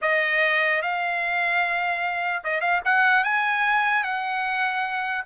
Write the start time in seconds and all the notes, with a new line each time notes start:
0.01 D#5
0.82 F5
2.44 D#5
2.60 F5
2.84 F#5
3.23 G#5
4.03 F#5